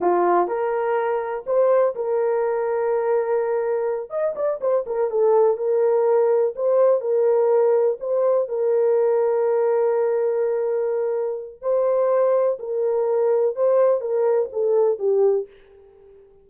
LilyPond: \new Staff \with { instrumentName = "horn" } { \time 4/4 \tempo 4 = 124 f'4 ais'2 c''4 | ais'1~ | ais'8 dis''8 d''8 c''8 ais'8 a'4 ais'8~ | ais'4. c''4 ais'4.~ |
ais'8 c''4 ais'2~ ais'8~ | ais'1 | c''2 ais'2 | c''4 ais'4 a'4 g'4 | }